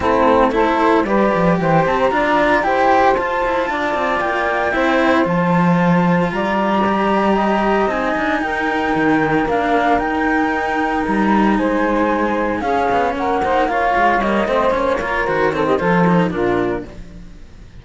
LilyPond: <<
  \new Staff \with { instrumentName = "flute" } { \time 4/4 \tempo 4 = 114 a'4 c''4 d''4 g''8 a''16 ais''16~ | ais''4 g''4 a''2 | g''2 a''2 | ais''2. gis''4 |
g''2 f''4 g''4~ | g''4 ais''4 gis''2 | f''4 fis''4 f''4 dis''4 | cis''4 c''8 cis''16 dis''16 c''4 ais'4 | }
  \new Staff \with { instrumentName = "saxophone" } { \time 4/4 e'4 a'4 b'4 c''4 | d''4 c''2 d''4~ | d''4 c''2. | d''2 dis''2 |
ais'1~ | ais'2 c''2 | gis'4 ais'8 c''8 cis''4. c''8~ | c''8 ais'4 a'16 g'16 a'4 f'4 | }
  \new Staff \with { instrumentName = "cello" } { \time 4/4 c'4 e'4 g'2 | f'4 g'4 f'2~ | f'4 e'4 f'2~ | f'4 g'2 dis'4~ |
dis'2 d'4 dis'4~ | dis'1 | cis'4. dis'8 f'4 ais8 c'8 | cis'8 f'8 fis'8 c'8 f'8 dis'8 d'4 | }
  \new Staff \with { instrumentName = "cello" } { \time 4/4 a2 g8 f8 e8 c'8 | d'4 e'4 f'8 e'8 d'8 c'8 | ais4 c'4 f2 | g2. c'8 d'8 |
dis'4 dis4 ais4 dis'4~ | dis'4 g4 gis2 | cis'8 b8 ais4. gis8 g8 a8 | ais4 dis4 f4 ais,4 | }
>>